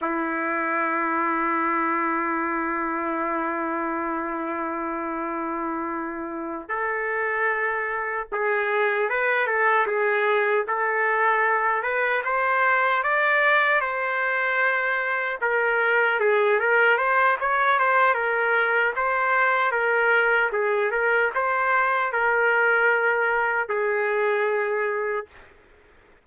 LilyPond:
\new Staff \with { instrumentName = "trumpet" } { \time 4/4 \tempo 4 = 76 e'1~ | e'1~ | e'8 a'2 gis'4 b'8 | a'8 gis'4 a'4. b'8 c''8~ |
c''8 d''4 c''2 ais'8~ | ais'8 gis'8 ais'8 c''8 cis''8 c''8 ais'4 | c''4 ais'4 gis'8 ais'8 c''4 | ais'2 gis'2 | }